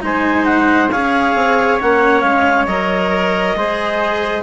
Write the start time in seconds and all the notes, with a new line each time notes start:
0.00 G#3 D#4 C5 G#5
0.45 F#5
0.90 C#4 G#4 C#5 F5
1.35 C4
1.80 A#3 C#4 F#5
2.20 G#3 F5
2.66 F#3 A#4 D#5
3.55 G#3 G#4 C5